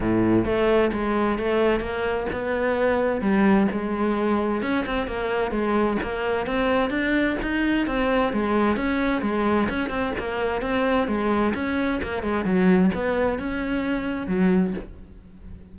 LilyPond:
\new Staff \with { instrumentName = "cello" } { \time 4/4 \tempo 4 = 130 a,4 a4 gis4 a4 | ais4 b2 g4 | gis2 cis'8 c'8 ais4 | gis4 ais4 c'4 d'4 |
dis'4 c'4 gis4 cis'4 | gis4 cis'8 c'8 ais4 c'4 | gis4 cis'4 ais8 gis8 fis4 | b4 cis'2 fis4 | }